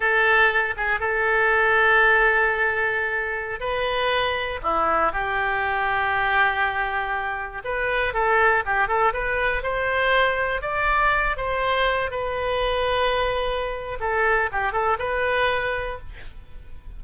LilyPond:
\new Staff \with { instrumentName = "oboe" } { \time 4/4 \tempo 4 = 120 a'4. gis'8 a'2~ | a'2.~ a'16 b'8.~ | b'4~ b'16 e'4 g'4.~ g'16~ | g'2.~ g'16 b'8.~ |
b'16 a'4 g'8 a'8 b'4 c''8.~ | c''4~ c''16 d''4. c''4~ c''16~ | c''16 b'2.~ b'8. | a'4 g'8 a'8 b'2 | }